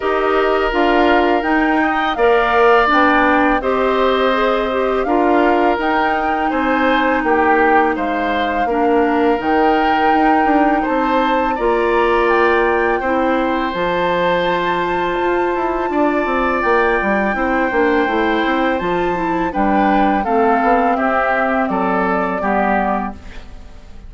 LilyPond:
<<
  \new Staff \with { instrumentName = "flute" } { \time 4/4 \tempo 4 = 83 dis''4 f''4 g''4 f''4 | g''4 dis''2 f''4 | g''4 gis''4 g''4 f''4~ | f''4 g''2 a''4 |
ais''4 g''2 a''4~ | a''2. g''4~ | g''2 a''4 g''4 | f''4 e''4 d''2 | }
  \new Staff \with { instrumentName = "oboe" } { \time 4/4 ais'2~ ais'8 dis''8 d''4~ | d''4 c''2 ais'4~ | ais'4 c''4 g'4 c''4 | ais'2. c''4 |
d''2 c''2~ | c''2 d''2 | c''2. b'4 | a'4 g'4 a'4 g'4 | }
  \new Staff \with { instrumentName = "clarinet" } { \time 4/4 g'4 f'4 dis'4 ais'4 | d'4 g'4 gis'8 g'8 f'4 | dis'1 | d'4 dis'2. |
f'2 e'4 f'4~ | f'1 | e'8 d'8 e'4 f'8 e'8 d'4 | c'2. b4 | }
  \new Staff \with { instrumentName = "bassoon" } { \time 4/4 dis'4 d'4 dis'4 ais4 | b4 c'2 d'4 | dis'4 c'4 ais4 gis4 | ais4 dis4 dis'8 d'8 c'4 |
ais2 c'4 f4~ | f4 f'8 e'8 d'8 c'8 ais8 g8 | c'8 ais8 a8 c'8 f4 g4 | a8 b8 c'4 fis4 g4 | }
>>